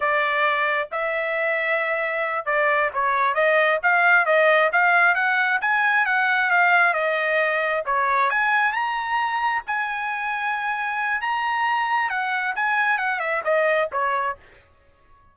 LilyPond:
\new Staff \with { instrumentName = "trumpet" } { \time 4/4 \tempo 4 = 134 d''2 e''2~ | e''4. d''4 cis''4 dis''8~ | dis''8 f''4 dis''4 f''4 fis''8~ | fis''8 gis''4 fis''4 f''4 dis''8~ |
dis''4. cis''4 gis''4 ais''8~ | ais''4. gis''2~ gis''8~ | gis''4 ais''2 fis''4 | gis''4 fis''8 e''8 dis''4 cis''4 | }